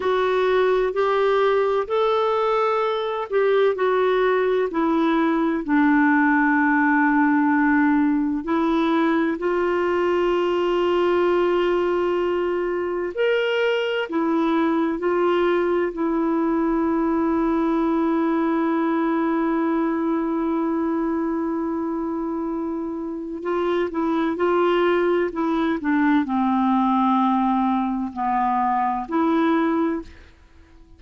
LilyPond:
\new Staff \with { instrumentName = "clarinet" } { \time 4/4 \tempo 4 = 64 fis'4 g'4 a'4. g'8 | fis'4 e'4 d'2~ | d'4 e'4 f'2~ | f'2 ais'4 e'4 |
f'4 e'2.~ | e'1~ | e'4 f'8 e'8 f'4 e'8 d'8 | c'2 b4 e'4 | }